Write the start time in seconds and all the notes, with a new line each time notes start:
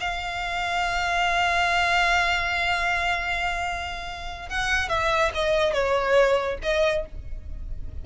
0.00 F5
4.49 F#5
4.89 E5
5.34 D#5
5.73 C#5
6.63 D#5